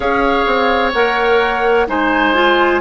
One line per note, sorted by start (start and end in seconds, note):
0.00 0.45 C#4
0.00 0.92 G#4
0.00 1.87 C#5
0.00 0.92 F5
0.46 0.93 C4
0.93 1.88 A#3
0.93 1.87 A#4
0.93 1.87 F#5
1.87 2.81 G#3
1.87 2.34 D#4
1.87 2.81 C5
1.87 2.81 G#5
2.34 2.81 F4